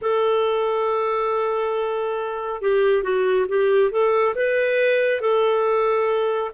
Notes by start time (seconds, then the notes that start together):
0.01 A4
2.61 G4
3.03 F#4
3.48 G4
3.91 A4
4.35 B4
5.21 A4